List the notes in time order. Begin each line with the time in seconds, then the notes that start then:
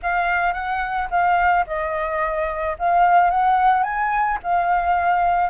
0.02 F5
0.53 F#5
1.10 F5
1.66 D#5
2.78 F5
3.30 F#5
3.83 G#5
4.43 F5